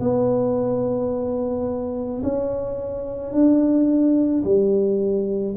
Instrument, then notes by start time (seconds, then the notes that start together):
tuba
0.00 B3
2.23 C#4
3.33 D4
4.44 G3